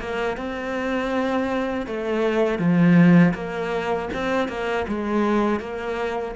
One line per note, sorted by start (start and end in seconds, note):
0.00 0.38 A#3
0.38 1.87 C4
1.87 2.59 A3
2.59 3.34 F3
3.34 4.09 A#3
4.14 4.49 C4
4.49 4.86 A#3
4.88 5.60 G#3
5.60 6.35 A#3